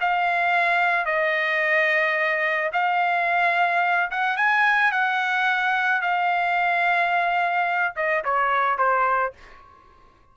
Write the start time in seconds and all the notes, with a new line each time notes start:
0.00 F5
1.05 D#5
2.73 F5
4.11 F#5
4.36 G#5
4.91 F#5
6.01 F5
7.96 D#5
8.24 C#5
8.78 C5